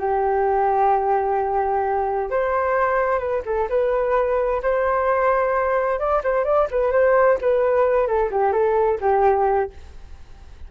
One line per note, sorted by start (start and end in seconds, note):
0.00 2.31 G4
2.31 3.19 C5
3.19 3.42 B4
3.46 3.69 A4
3.70 4.62 B4
4.63 6.00 C5
6.00 6.23 D5
6.24 6.45 C5
6.45 6.68 D5
6.71 6.92 B4
6.92 7.38 C5
7.42 8.08 B4
8.08 8.31 A4
8.31 8.53 G4
8.53 8.99 A4
9.01 9.71 G4